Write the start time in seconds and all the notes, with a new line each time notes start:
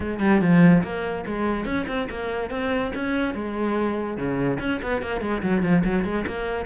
0.00 G#3
0.20 G3
0.41 F3
0.83 A#3
1.26 G#3
1.65 C#4
1.87 C4
2.09 A#3
2.50 C4
2.95 C#4
3.34 G#3
4.17 C#3
4.59 C#4
4.82 B3
5.02 A#3
5.21 G#3
5.42 F#3
5.62 F3
5.84 F#3
6.04 G#3
6.27 A#3